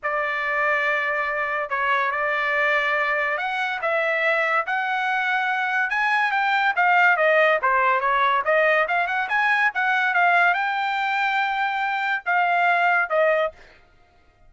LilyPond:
\new Staff \with { instrumentName = "trumpet" } { \time 4/4 \tempo 4 = 142 d''1 | cis''4 d''2. | fis''4 e''2 fis''4~ | fis''2 gis''4 g''4 |
f''4 dis''4 c''4 cis''4 | dis''4 f''8 fis''8 gis''4 fis''4 | f''4 g''2.~ | g''4 f''2 dis''4 | }